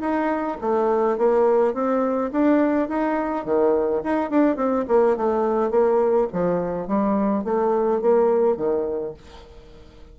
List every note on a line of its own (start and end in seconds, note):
0.00 0.57 D#4
0.61 1.18 A3
1.18 1.74 A#3
1.74 2.31 C4
2.32 2.88 D4
2.88 3.45 D#4
3.45 4.02 D#3
4.03 4.30 D#4
4.30 4.56 D4
4.56 4.85 C4
4.88 5.16 A#3
5.17 5.70 A3
5.70 6.28 A#3
6.32 6.87 F3
6.87 7.44 G3
7.44 8.01 A3
8.02 8.56 A#3
8.56 9.14 D#3